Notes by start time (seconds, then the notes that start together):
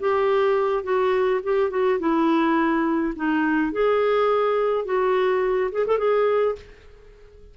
0.00 G4
0.84 F#4
1.43 G4
1.70 F#4
2.00 E4
3.16 D#4
3.72 G#4
4.85 F#4
5.72 G#4
5.86 A4
5.98 G#4